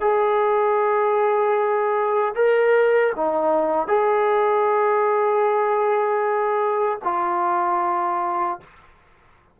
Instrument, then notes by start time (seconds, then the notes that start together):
trombone
0.00 G#4
2.34 A#4
3.16 D#4
3.87 G#4
7.04 F4